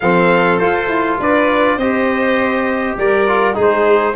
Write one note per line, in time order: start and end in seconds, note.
0.00 0.60 F3
0.00 0.61 C4
0.00 1.20 A4
0.00 0.59 F5
0.59 0.87 F4
0.59 1.80 F4
0.59 1.18 C5
0.87 1.17 E4
1.19 1.77 D4
1.19 1.77 B4
1.19 1.79 D5
1.77 2.95 C4
1.77 3.27 G4
1.77 2.96 C5
1.77 2.98 D#5
2.97 3.56 G3
2.97 3.55 A#4
2.97 3.57 D5
3.27 3.54 F4
3.54 4.16 G#3
3.54 4.13 D#4
3.54 4.14 G#4
3.61 4.16 C5